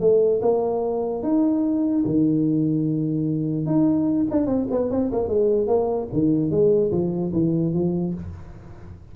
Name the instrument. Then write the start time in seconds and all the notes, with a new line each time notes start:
tuba
0.00 A3
0.41 A#3
1.23 D#4
2.05 D#3
3.66 D#4
4.31 D4
4.46 C4
4.70 B3
4.90 C4
5.12 A#3
5.28 G#3
5.67 A#3
6.13 D#3
6.50 G#3
6.91 F3
7.32 E3
7.73 F3